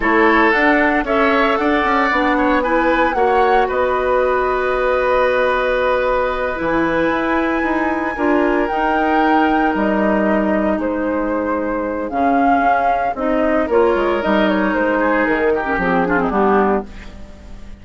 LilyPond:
<<
  \new Staff \with { instrumentName = "flute" } { \time 4/4 \tempo 4 = 114 cis''4 fis''4 e''4 fis''4~ | fis''4 gis''4 fis''4 dis''4~ | dis''1~ | dis''8 gis''2.~ gis''8~ |
gis''8 g''2 dis''4.~ | dis''8 c''2~ c''8 f''4~ | f''4 dis''4 cis''4 dis''8 cis''8 | c''4 ais'4 gis'4 g'4 | }
  \new Staff \with { instrumentName = "oboe" } { \time 4/4 a'2 cis''4 d''4~ | d''8 cis''8 b'4 cis''4 b'4~ | b'1~ | b'2.~ b'8 ais'8~ |
ais'1~ | ais'8 gis'2.~ gis'8~ | gis'2 ais'2~ | ais'8 gis'4 g'4 f'16 dis'16 d'4 | }
  \new Staff \with { instrumentName = "clarinet" } { \time 4/4 e'4 d'4 a'2 | d'4 e'4 fis'2~ | fis'1~ | fis'8 e'2. f'8~ |
f'8 dis'2.~ dis'8~ | dis'2. cis'4~ | cis'4 dis'4 f'4 dis'4~ | dis'4.~ dis'16 cis'16 c'8 d'16 c'16 b4 | }
  \new Staff \with { instrumentName = "bassoon" } { \time 4/4 a4 d'4 cis'4 d'8 cis'8 | b2 ais4 b4~ | b1~ | b8 e4 e'4 dis'4 d'8~ |
d'8 dis'2 g4.~ | g8 gis2~ gis8 cis4 | cis'4 c'4 ais8 gis8 g4 | gis4 dis4 f4 g4 | }
>>